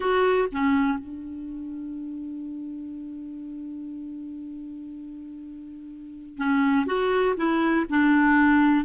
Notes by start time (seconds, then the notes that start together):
0.00 F#4
0.51 C#4
0.99 D4
6.37 C#4
6.86 F#4
7.36 E4
7.89 D4